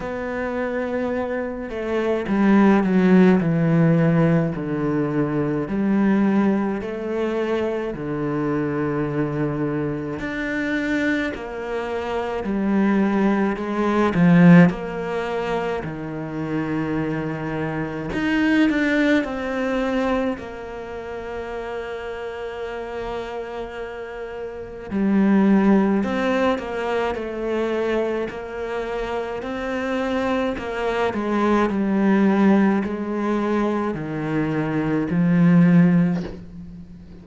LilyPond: \new Staff \with { instrumentName = "cello" } { \time 4/4 \tempo 4 = 53 b4. a8 g8 fis8 e4 | d4 g4 a4 d4~ | d4 d'4 ais4 g4 | gis8 f8 ais4 dis2 |
dis'8 d'8 c'4 ais2~ | ais2 g4 c'8 ais8 | a4 ais4 c'4 ais8 gis8 | g4 gis4 dis4 f4 | }